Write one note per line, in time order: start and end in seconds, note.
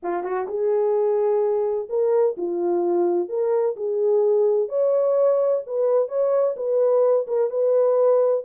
0.03 0.23 F4
0.23 0.47 F#4
0.48 1.88 G#4
1.89 2.36 A#4
2.37 3.29 F4
3.29 3.75 A#4
3.76 4.68 G#4
4.68 5.62 C#5
5.66 6.08 B4
6.08 6.55 C#5
6.56 7.26 B4
7.27 7.50 A#4
7.50 8.44 B4